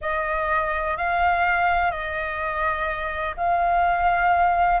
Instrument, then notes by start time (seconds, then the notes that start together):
flute
0.01 D#5
0.97 F5
1.91 D#5
3.36 F5